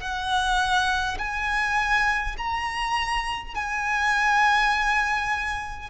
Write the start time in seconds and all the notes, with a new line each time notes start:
0.00 F#5
1.18 G#5
2.37 A#5
3.55 G#5